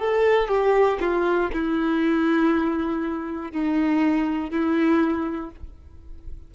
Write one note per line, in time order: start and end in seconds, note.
0.00 0.49 A4
0.49 0.99 G4
1.00 1.50 F4
1.54 3.52 E4
3.52 4.51 D#4
4.51 5.51 E4